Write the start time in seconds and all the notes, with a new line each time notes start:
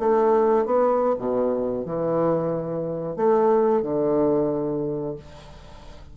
0.00 A3
0.66 B3
1.19 B2
1.86 E3
3.17 A3
3.83 D3